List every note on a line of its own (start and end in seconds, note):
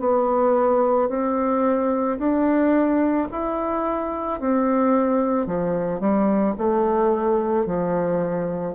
0.00 1.09 B3
1.09 2.18 C4
2.19 3.28 D4
3.32 4.40 E4
4.40 5.46 C4
5.46 6.00 F3
6.00 6.55 G3
6.59 7.66 A3
7.66 8.75 F3